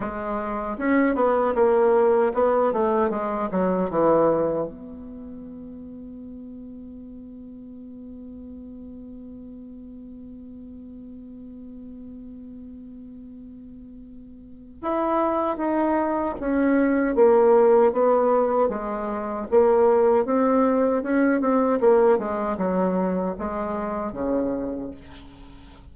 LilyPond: \new Staff \with { instrumentName = "bassoon" } { \time 4/4 \tempo 4 = 77 gis4 cis'8 b8 ais4 b8 a8 | gis8 fis8 e4 b2~ | b1~ | b1~ |
b2. e'4 | dis'4 cis'4 ais4 b4 | gis4 ais4 c'4 cis'8 c'8 | ais8 gis8 fis4 gis4 cis4 | }